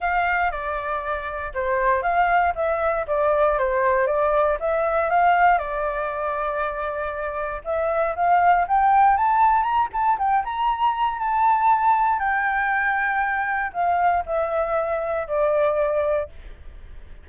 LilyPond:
\new Staff \with { instrumentName = "flute" } { \time 4/4 \tempo 4 = 118 f''4 d''2 c''4 | f''4 e''4 d''4 c''4 | d''4 e''4 f''4 d''4~ | d''2. e''4 |
f''4 g''4 a''4 ais''8 a''8 | g''8 ais''4. a''2 | g''2. f''4 | e''2 d''2 | }